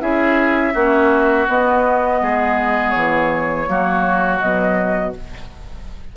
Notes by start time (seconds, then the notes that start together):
0.00 C#4 E4 G#4 E5
0.74 A#3 C#4 F#4
1.48 B3 D#5
2.22 G#3 G#4
2.91 E3 C#5
3.67 F#3 A#3 F#4
4.40 B2 F#3 D#5